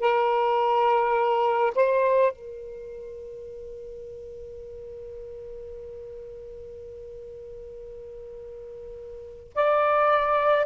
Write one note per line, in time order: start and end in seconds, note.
0.00 1.73 A#4
1.75 2.32 C5
2.32 9.53 A#4
9.55 10.66 D5